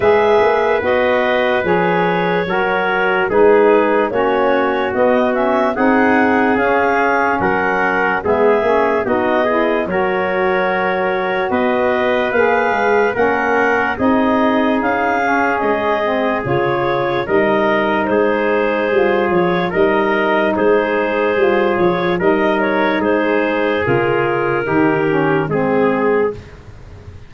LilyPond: <<
  \new Staff \with { instrumentName = "clarinet" } { \time 4/4 \tempo 4 = 73 e''4 dis''4 cis''2 | b'4 cis''4 dis''8 e''8 fis''4 | f''4 fis''4 e''4 dis''4 | cis''2 dis''4 f''4 |
fis''4 dis''4 f''4 dis''4 | cis''4 dis''4 c''4. cis''8 | dis''4 c''4. cis''8 dis''8 cis''8 | c''4 ais'2 gis'4 | }
  \new Staff \with { instrumentName = "trumpet" } { \time 4/4 b'2. ais'4 | gis'4 fis'2 gis'4~ | gis'4 ais'4 gis'4 fis'8 gis'8 | ais'2 b'2 |
ais'4 gis'2.~ | gis'4 ais'4 gis'2 | ais'4 gis'2 ais'4 | gis'2 g'4 gis'4 | }
  \new Staff \with { instrumentName = "saxophone" } { \time 4/4 gis'4 fis'4 gis'4 fis'4 | dis'4 cis'4 b8 cis'8 dis'4 | cis'2 b8 cis'8 dis'8 e'8 | fis'2. gis'4 |
cis'4 dis'4. cis'4 c'8 | f'4 dis'2 f'4 | dis'2 f'4 dis'4~ | dis'4 f'4 dis'8 cis'8 c'4 | }
  \new Staff \with { instrumentName = "tuba" } { \time 4/4 gis8 ais8 b4 f4 fis4 | gis4 ais4 b4 c'4 | cis'4 fis4 gis8 ais8 b4 | fis2 b4 ais8 gis8 |
ais4 c'4 cis'4 gis4 | cis4 g4 gis4 g8 f8 | g4 gis4 g8 f8 g4 | gis4 cis4 dis4 gis4 | }
>>